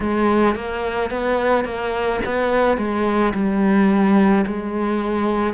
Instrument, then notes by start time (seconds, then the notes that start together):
cello
0.00 G#3
0.55 A#3
1.10 B3
1.65 A#3
2.25 B3
2.77 G#3
3.33 G3
4.46 G#3